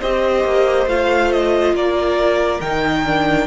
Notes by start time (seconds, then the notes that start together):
0.00 C4 G4 C5 D#5
0.44 A#3
0.86 A3 F4 F5
1.32 D#5
1.72 A#3 A#4 D5
2.61 D#3 D#4 G5
3.05 D4